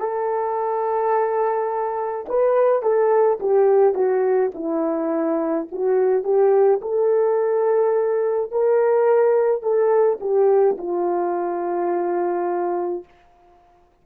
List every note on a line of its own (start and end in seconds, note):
0.00 2.26 A4
2.29 2.83 B4
2.83 3.39 A4
3.41 3.95 G4
3.95 4.51 F#4
4.54 5.68 E4
5.72 6.24 F#4
6.24 6.81 G4
6.82 8.52 A4
8.52 9.63 A#4
9.63 10.19 A4
10.20 10.77 G4
10.78 13.04 F4